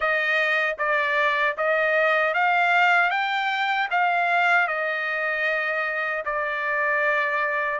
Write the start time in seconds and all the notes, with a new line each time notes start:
0.00 D#5
0.78 D5
1.57 D#5
2.34 F5
3.10 G5
3.91 F5
4.67 D#5
6.25 D5